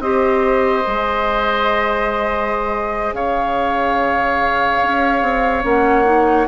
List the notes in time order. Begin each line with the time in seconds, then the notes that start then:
0.00 C4 G4 C5 D#5
0.85 G#3 G#4
3.13 C#3 C#5 F5
4.83 C#4
5.22 C4
5.63 A#3 C#4 F#5
6.05 D#4